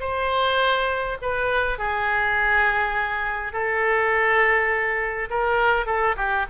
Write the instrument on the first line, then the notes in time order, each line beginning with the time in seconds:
oboe
0.00 C5
1.22 B4
1.78 G#4
3.53 A4
5.30 A#4
5.86 A4
6.16 G4